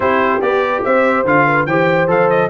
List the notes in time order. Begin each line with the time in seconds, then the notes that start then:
0.00 C4 E4 G4 C5
0.41 B3 G4 D5
0.84 C4 C5 E5
1.24 D3 F4 F5
1.46 B4
1.66 E3 G4 C5 G5
2.07 F3 A4 F5
2.29 D#5